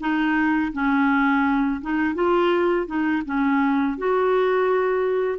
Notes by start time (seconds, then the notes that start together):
0.00 D#4
0.72 C#4
1.81 D#4
2.15 F4
2.87 D#4
3.25 C#4
3.98 F#4